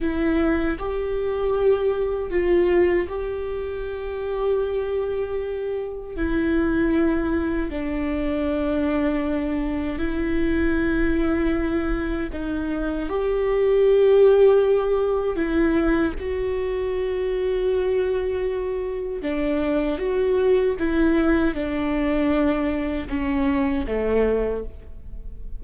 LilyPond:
\new Staff \with { instrumentName = "viola" } { \time 4/4 \tempo 4 = 78 e'4 g'2 f'4 | g'1 | e'2 d'2~ | d'4 e'2. |
dis'4 g'2. | e'4 fis'2.~ | fis'4 d'4 fis'4 e'4 | d'2 cis'4 a4 | }